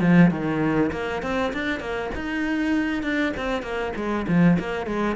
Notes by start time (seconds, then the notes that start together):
0.00 F3
0.31 D#3
0.92 A#3
1.22 C4
1.53 D4
1.80 A#3
2.15 D#4
3.02 D4
3.37 C4
3.62 A#3
3.96 G#3
4.28 F3
4.59 A#3
4.86 G#3